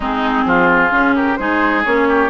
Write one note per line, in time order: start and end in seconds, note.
0.00 0.43 G#3
0.00 0.90 C4
0.00 0.44 D#4
0.00 1.16 G#4
0.45 0.91 F3
0.45 1.15 F4
0.90 1.37 C#3
0.90 1.37 C#4
1.15 1.38 G4
1.15 1.36 A#4
1.36 1.85 G#3
1.36 1.84 D#4
1.36 2.08 G#4
1.36 1.82 C5
1.84 2.30 A#3
1.84 2.30 C#4
1.84 2.30 C#5
2.08 2.30 G4